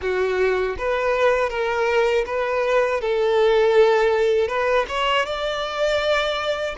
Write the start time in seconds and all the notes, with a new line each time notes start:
0.01 F#4
0.78 B4
1.49 A#4
2.25 B4
3.00 A4
4.48 B4
4.88 C#5
5.25 D5